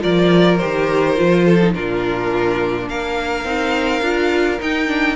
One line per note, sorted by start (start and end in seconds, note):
0.00 0.61 F3
0.00 0.57 F4
0.00 1.45 A#4
0.00 0.57 D5
0.57 1.16 G4
0.57 1.71 C5
0.64 1.20 D#3
1.16 1.76 F3
1.16 1.59 F4
1.45 1.73 A4
1.62 1.74 D#4
1.74 2.89 A#2
1.74 3.45 D4
1.74 2.89 F4
1.74 2.89 A#4
2.89 3.44 A#3
2.89 5.16 A#4
2.89 4.60 F5
3.44 4.01 C4
3.44 4.02 D#4
4.01 4.58 D4
4.01 4.59 F4
4.59 4.87 D#4
4.59 5.16 D#4
4.59 5.16 G5
4.87 5.16 D4